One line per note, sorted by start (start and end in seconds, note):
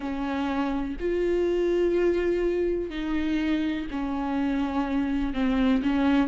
0.00 0.97 C#4
0.99 2.89 F4
2.89 3.86 D#4
3.91 5.33 C#4
5.33 5.82 C4
5.82 6.28 C#4